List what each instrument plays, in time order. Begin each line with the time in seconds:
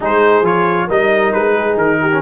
0.00 tuba G#3, trombone D#4, horn G#4, trumpet C5
0.42 tuba F3, trombone F4, trumpet C#5
0.86 tuba G3, trombone D#4, horn A#4, trumpet D#5
1.32 tuba G#3, trumpet B4
1.54 horn G#4
1.76 tuba D#3, trumpet A#4
2.01 horn G4
2.11 trombone C#4